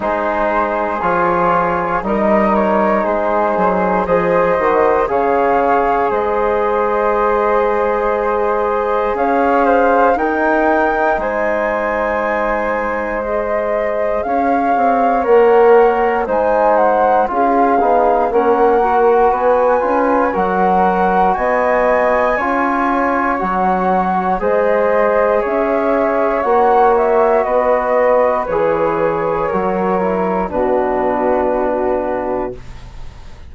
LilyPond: <<
  \new Staff \with { instrumentName = "flute" } { \time 4/4 \tempo 4 = 59 c''4 cis''4 dis''8 cis''8 c''4 | dis''4 f''4 dis''2~ | dis''4 f''4 g''4 gis''4~ | gis''4 dis''4 f''4 fis''4 |
gis''8 fis''8 f''4 fis''4 gis''4 | fis''4 gis''2 fis''4 | dis''4 e''4 fis''8 e''8 dis''4 | cis''2 b'2 | }
  \new Staff \with { instrumentName = "flute" } { \time 4/4 gis'2 ais'4 gis'4 | c''4 cis''4 c''2~ | c''4 cis''8 c''8 ais'4 c''4~ | c''2 cis''2 |
c''4 gis'4 ais'4 b'4 | ais'4 dis''4 cis''2 | c''4 cis''2 b'4~ | b'4 ais'4 fis'2 | }
  \new Staff \with { instrumentName = "trombone" } { \time 4/4 dis'4 f'4 dis'2 | gis'8 fis'8 gis'2.~ | gis'2 dis'2~ | dis'4 gis'2 ais'4 |
dis'4 f'8 dis'8 cis'8 fis'4 f'8 | fis'2 f'4 fis'4 | gis'2 fis'2 | gis'4 fis'8 e'8 d'2 | }
  \new Staff \with { instrumentName = "bassoon" } { \time 4/4 gis4 f4 g4 gis8 fis8 | f8 dis8 cis4 gis2~ | gis4 cis'4 dis'4 gis4~ | gis2 cis'8 c'8 ais4 |
gis4 cis'8 b8 ais4 b8 cis'8 | fis4 b4 cis'4 fis4 | gis4 cis'4 ais4 b4 | e4 fis4 b,2 | }
>>